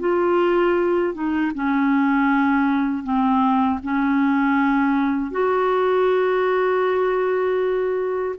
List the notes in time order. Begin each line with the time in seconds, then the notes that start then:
0.00 F4
1.14 D#4
1.55 C#4
3.03 C4
3.83 C#4
5.31 F#4